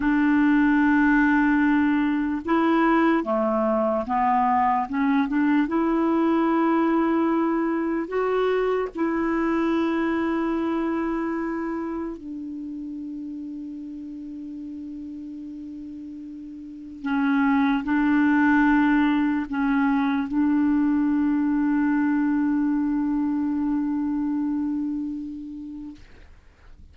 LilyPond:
\new Staff \with { instrumentName = "clarinet" } { \time 4/4 \tempo 4 = 74 d'2. e'4 | a4 b4 cis'8 d'8 e'4~ | e'2 fis'4 e'4~ | e'2. d'4~ |
d'1~ | d'4 cis'4 d'2 | cis'4 d'2.~ | d'1 | }